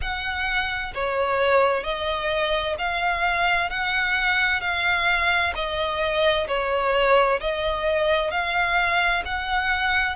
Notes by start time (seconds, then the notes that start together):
0.01 F#5
0.94 C#5
1.83 D#5
2.78 F5
3.70 F#5
4.61 F5
5.55 D#5
6.47 C#5
7.40 D#5
8.30 F5
9.25 F#5